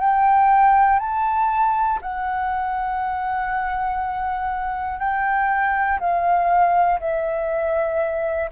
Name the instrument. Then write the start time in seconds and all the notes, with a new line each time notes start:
flute
0.00 G5
1.00 A5
2.02 F#5
4.99 G5
6.00 F5
7.00 E5